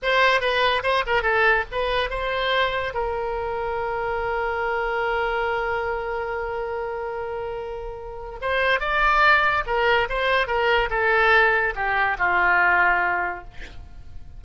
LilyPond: \new Staff \with { instrumentName = "oboe" } { \time 4/4 \tempo 4 = 143 c''4 b'4 c''8 ais'8 a'4 | b'4 c''2 ais'4~ | ais'1~ | ais'1~ |
ais'1 | c''4 d''2 ais'4 | c''4 ais'4 a'2 | g'4 f'2. | }